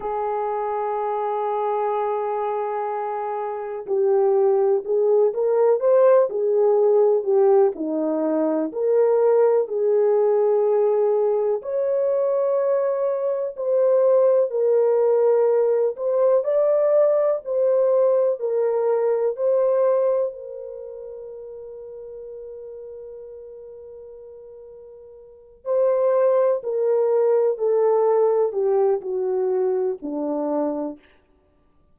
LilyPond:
\new Staff \with { instrumentName = "horn" } { \time 4/4 \tempo 4 = 62 gis'1 | g'4 gis'8 ais'8 c''8 gis'4 g'8 | dis'4 ais'4 gis'2 | cis''2 c''4 ais'4~ |
ais'8 c''8 d''4 c''4 ais'4 | c''4 ais'2.~ | ais'2~ ais'8 c''4 ais'8~ | ais'8 a'4 g'8 fis'4 d'4 | }